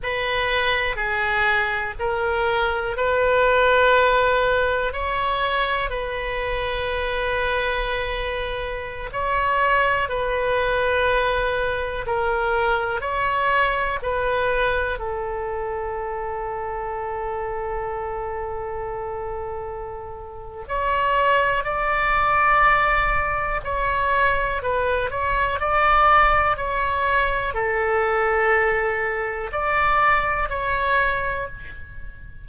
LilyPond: \new Staff \with { instrumentName = "oboe" } { \time 4/4 \tempo 4 = 61 b'4 gis'4 ais'4 b'4~ | b'4 cis''4 b'2~ | b'4~ b'16 cis''4 b'4.~ b'16~ | b'16 ais'4 cis''4 b'4 a'8.~ |
a'1~ | a'4 cis''4 d''2 | cis''4 b'8 cis''8 d''4 cis''4 | a'2 d''4 cis''4 | }